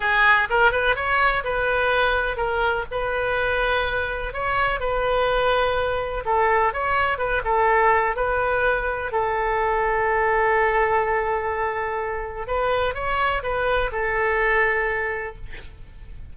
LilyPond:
\new Staff \with { instrumentName = "oboe" } { \time 4/4 \tempo 4 = 125 gis'4 ais'8 b'8 cis''4 b'4~ | b'4 ais'4 b'2~ | b'4 cis''4 b'2~ | b'4 a'4 cis''4 b'8 a'8~ |
a'4 b'2 a'4~ | a'1~ | a'2 b'4 cis''4 | b'4 a'2. | }